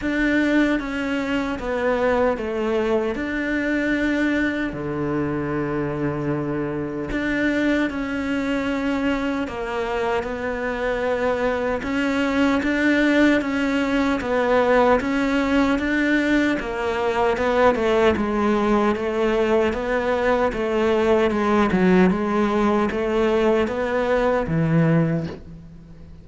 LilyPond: \new Staff \with { instrumentName = "cello" } { \time 4/4 \tempo 4 = 76 d'4 cis'4 b4 a4 | d'2 d2~ | d4 d'4 cis'2 | ais4 b2 cis'4 |
d'4 cis'4 b4 cis'4 | d'4 ais4 b8 a8 gis4 | a4 b4 a4 gis8 fis8 | gis4 a4 b4 e4 | }